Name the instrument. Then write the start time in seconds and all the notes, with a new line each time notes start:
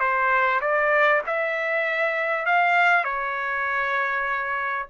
trumpet
0.00 C5
0.61 D5
1.27 E5
2.46 F5
3.04 C#5